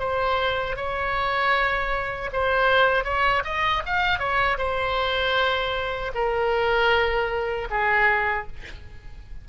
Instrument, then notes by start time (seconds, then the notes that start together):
oboe
0.00 C5
0.77 C#5
2.33 C5
3.05 C#5
3.45 D#5
3.86 F5
4.19 C#5
4.58 C5
6.15 A#4
7.71 G#4